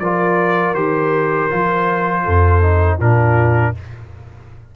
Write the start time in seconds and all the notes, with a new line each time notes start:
0.00 F3 F4 A#4 D5
0.74 D#3 G4 C5
1.51 F3 F4
2.25 F2 A4
2.62 D#4
2.98 A#2 D4 F4 A#4